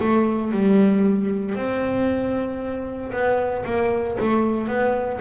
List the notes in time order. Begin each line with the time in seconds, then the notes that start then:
0.00 A3
0.52 G3
1.55 C4
3.12 B3
3.65 A#3
4.20 A3
4.68 B3